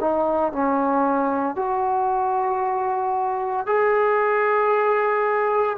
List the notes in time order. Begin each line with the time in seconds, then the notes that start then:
0.00 D#4
0.52 C#4
1.56 F#4
3.67 G#4